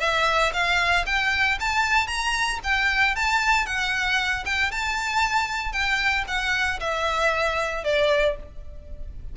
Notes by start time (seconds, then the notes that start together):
0.00 E5
0.53 F5
1.06 G5
1.60 A5
2.07 A#5
2.63 G5
3.16 A5
3.66 F#5
4.45 G5
4.71 A5
5.72 G5
6.28 F#5
6.80 E5
7.84 D5